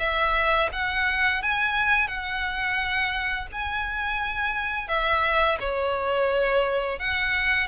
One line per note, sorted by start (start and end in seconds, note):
0.00 0.70 E5
0.73 1.43 F#5
1.43 2.08 G#5
2.08 3.48 F#5
3.53 4.89 G#5
4.89 5.58 E5
5.60 7.00 C#5
7.00 7.68 F#5